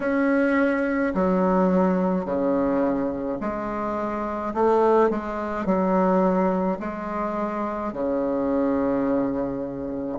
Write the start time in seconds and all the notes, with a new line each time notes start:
0.00 C#4
1.14 F#3
2.25 C#3
3.40 G#3
4.53 A3
5.09 G#3
5.65 F#3
6.79 G#3
7.92 C#3